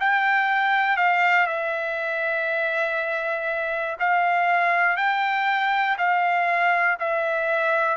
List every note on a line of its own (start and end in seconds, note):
0.00 0.96 G5
0.96 1.46 F5
1.46 3.96 E5
3.99 4.97 F5
4.97 5.97 G5
5.98 6.98 F5
6.99 7.97 E5